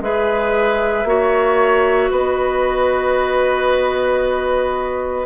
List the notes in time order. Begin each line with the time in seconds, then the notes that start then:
0.00 G#3 G#4 B4 E5
1.04 A#3 F#4 C#5
2.11 B3 B4 D#5